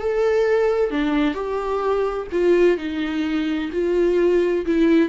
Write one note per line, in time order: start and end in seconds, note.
0.00 0.90 A4
0.90 1.34 D4
1.34 2.27 G4
2.32 2.77 F4
2.77 3.70 D#4
3.72 4.65 F4
4.66 5.09 E4